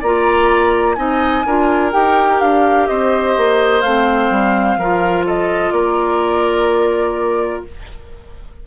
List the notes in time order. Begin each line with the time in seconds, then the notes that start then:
0.00 A#3 F4 D5 A#5
0.95 C4 D#4 D#5 G#5
1.46 D4 F4 A#4
1.92 D#4 G4 G5
2.40 D4 F5
2.87 C4 C5 D#5
3.37 A#3
3.81 A3 C4 F5
4.30 G3
4.76 F3 F4 A#4
5.26 A4 D#5
5.72 A#3 A#4 D5